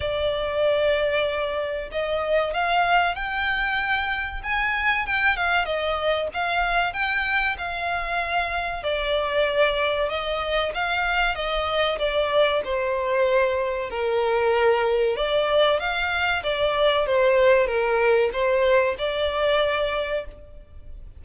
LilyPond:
\new Staff \with { instrumentName = "violin" } { \time 4/4 \tempo 4 = 95 d''2. dis''4 | f''4 g''2 gis''4 | g''8 f''8 dis''4 f''4 g''4 | f''2 d''2 |
dis''4 f''4 dis''4 d''4 | c''2 ais'2 | d''4 f''4 d''4 c''4 | ais'4 c''4 d''2 | }